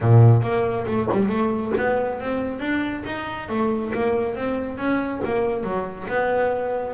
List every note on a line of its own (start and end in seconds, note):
0.00 0.42 A#2
0.42 0.85 A#3
0.86 1.08 A3
1.12 1.28 G3
1.28 1.72 A3
1.77 2.20 B3
2.20 2.59 C4
2.59 3.03 D4
3.05 3.49 D#4
3.49 3.92 A3
3.94 4.35 A#3
4.35 4.77 C4
4.77 5.21 C#4
5.25 5.63 A#3
5.63 6.07 F#3
6.08 6.93 B3